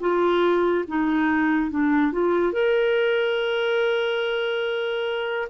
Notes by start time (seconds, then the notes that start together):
0.00 F4
0.88 D#4
1.71 D4
2.12 F4
2.52 A#4